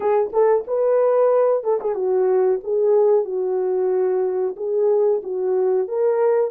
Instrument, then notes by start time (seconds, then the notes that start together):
horn
0.00 G#4
0.32 A4
0.67 B4
1.63 A4
1.81 G#4
1.94 F#4
2.63 G#4
3.25 F#4
4.56 G#4
5.23 F#4
5.88 A#4